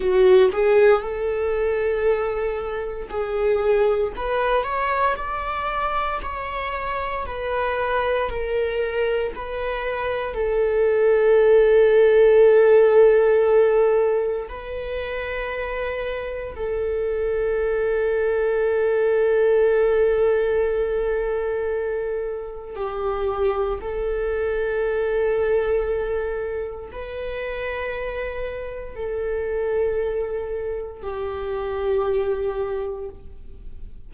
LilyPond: \new Staff \with { instrumentName = "viola" } { \time 4/4 \tempo 4 = 58 fis'8 gis'8 a'2 gis'4 | b'8 cis''8 d''4 cis''4 b'4 | ais'4 b'4 a'2~ | a'2 b'2 |
a'1~ | a'2 g'4 a'4~ | a'2 b'2 | a'2 g'2 | }